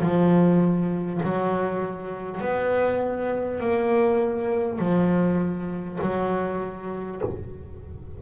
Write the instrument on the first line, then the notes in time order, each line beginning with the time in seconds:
double bass
0.00 F3
1.23 F#3
2.41 B3
3.60 A#3
4.78 F3
6.01 F#3